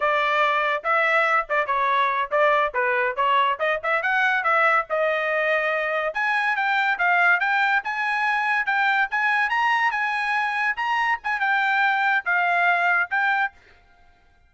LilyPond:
\new Staff \with { instrumentName = "trumpet" } { \time 4/4 \tempo 4 = 142 d''2 e''4. d''8 | cis''4. d''4 b'4 cis''8~ | cis''8 dis''8 e''8 fis''4 e''4 dis''8~ | dis''2~ dis''8 gis''4 g''8~ |
g''8 f''4 g''4 gis''4.~ | gis''8 g''4 gis''4 ais''4 gis''8~ | gis''4. ais''4 gis''8 g''4~ | g''4 f''2 g''4 | }